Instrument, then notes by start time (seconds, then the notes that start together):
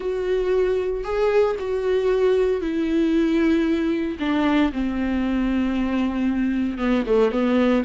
viola
0.00 F#4
1.03 G#4
1.59 F#4
2.61 E4
4.19 D4
4.72 C4
6.78 B3
7.06 A3
7.31 B3